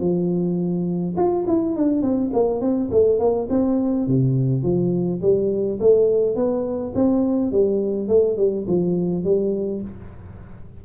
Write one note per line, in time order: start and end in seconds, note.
0.00 1.15 F3
1.17 1.46 F4
1.47 1.76 E4
1.76 2.02 D4
2.02 2.31 C4
2.33 2.61 A#3
2.61 2.90 C4
2.91 3.19 A3
3.19 3.48 A#3
3.50 4.07 C4
4.07 4.63 C3
4.63 5.21 F3
5.22 5.79 G3
5.80 6.36 A3
6.36 6.93 B3
6.95 7.52 C4
7.52 8.08 G3
8.08 8.37 A3
8.37 8.66 G3
8.67 9.24 F3
9.24 9.82 G3